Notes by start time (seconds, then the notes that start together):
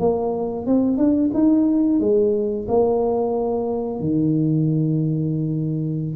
0.00 A#3
0.67 C4
0.98 D4
1.35 D#4
2.00 G#3
2.69 A#3
4.00 D#3